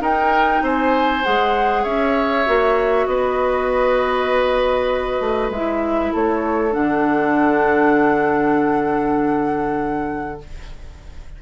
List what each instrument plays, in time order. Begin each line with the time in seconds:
0.00 bassoon D#4, clarinet D#4, oboe A#4, flute G5
0.62 bassoon C4, oboe C5, flute G#5
1.24 bassoon G#3, clarinet G#4, flute F#5
1.83 bassoon C#4, oboe C#5, flute E5
2.46 bassoon A#3, clarinet F#4
3.06 bassoon B3, oboe B4, flute D#5
5.20 bassoon A3
5.50 bassoon G#3, clarinet E4, flute E5
6.12 bassoon A3, oboe A4, flute C#5
6.71 bassoon D3, clarinet D4, flute F#5